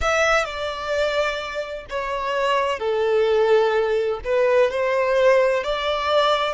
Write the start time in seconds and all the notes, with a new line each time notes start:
0.01 E5
0.45 D5
1.89 C#5
2.79 A4
4.24 B4
4.70 C5
5.63 D5